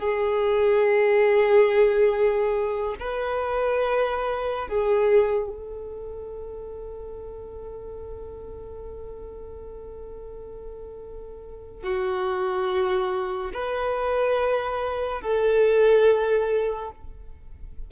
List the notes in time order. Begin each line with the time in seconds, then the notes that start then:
0.00 G#4
3.00 B4
4.69 G#4
5.50 A4
11.83 F#4
13.54 B4
15.22 A4